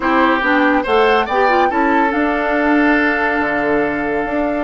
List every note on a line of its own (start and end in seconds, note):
0.00 0.41 C4
0.00 0.41 E4
0.00 0.83 G4
0.00 0.41 C5
0.41 0.84 B3
0.41 0.84 D4
0.41 0.84 G5
0.83 1.27 A3
0.83 1.28 A4
0.83 1.25 C5
0.83 1.27 F#5
1.25 1.70 B3
1.25 1.68 D5
1.25 1.70 G5
1.32 1.48 G4
1.48 1.69 F4
1.69 2.13 C#4
1.69 2.09 E4
1.69 4.64 A4
1.69 2.12 A5
2.09 4.64 D4
2.09 3.39 D4
2.09 4.64 F5
3.39 4.24 D3
4.25 4.64 D4